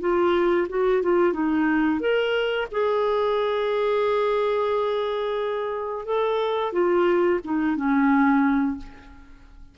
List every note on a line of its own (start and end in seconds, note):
0.00 0.67 F4
0.69 1.03 F#4
1.03 1.33 F4
1.33 2.00 D#4
2.00 2.68 A#4
2.71 6.05 G#4
6.05 6.73 A4
6.73 7.40 F4
7.44 7.76 D#4
7.76 8.77 C#4